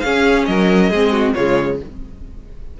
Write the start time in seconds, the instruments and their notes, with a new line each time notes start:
0.00 cello C#4, viola C#4, violin G#4 F5
0.45 cello F#3, violin A#4 D#5
0.90 cello G#3, viola C4, violin G#4
1.11 violin F#4
1.34 cello C#3, viola G#3, violin F4 C#5